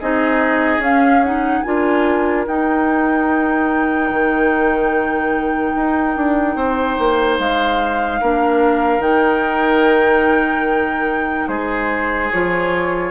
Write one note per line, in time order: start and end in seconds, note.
0.00 0.78 C4
0.00 0.80 D#4
0.00 1.64 G#4
0.00 0.83 D#5
0.78 1.60 C#4
0.78 1.21 C#4
0.78 1.24 F5
1.24 1.65 D#4
1.24 1.62 F#5
1.62 2.47 D4
1.62 2.47 F4
1.62 6.56 A#4
1.62 2.45 G#5
2.47 4.10 D#4
2.47 8.23 D#4
2.47 7.39 G5
4.10 5.74 D#3
5.75 6.16 D#4
6.16 6.55 D4
6.55 6.97 C4
6.55 8.20 C5
6.99 7.39 A#3
7.39 8.21 G#3
7.39 9.02 F5
8.21 8.98 A#3
8.21 9.01 D4
8.21 11.49 A#4
8.98 11.45 D#3
8.98 12.29 D#4
8.98 11.48 G5
11.48 12.30 G#3
11.48 13.11 G#4
11.48 12.30 C5
12.31 13.11 F3
12.31 13.11 F4
12.31 13.11 C#5